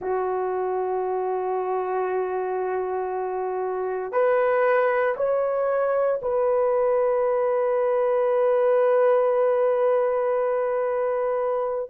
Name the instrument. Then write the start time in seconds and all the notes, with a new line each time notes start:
horn
0.00 F#4
4.11 B4
5.16 C#5
6.22 B4